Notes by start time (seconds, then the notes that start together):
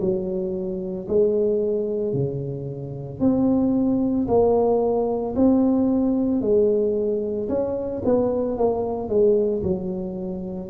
0.00 F#3
1.08 G#3
2.13 C#3
3.20 C4
4.28 A#3
5.36 C4
6.41 G#3
7.49 C#4
8.05 B3
8.58 A#3
9.09 G#3
9.63 F#3